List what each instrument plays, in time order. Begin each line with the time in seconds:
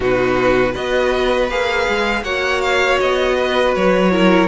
0.00 cello B2, viola D#4, violin F#4 B4
0.72 cello B3, viola F#4, violin B4 D#5
1.49 cello A#3, viola G#4, violin F5
1.88 cello G#3
2.22 cello A#3, viola F#4, violin C#5 F#5
2.61 violin F5
3.00 cello B3, violin D#5
3.37 violin B4
3.75 cello F#3, violin C#5
4.10 viola E4, violin A#4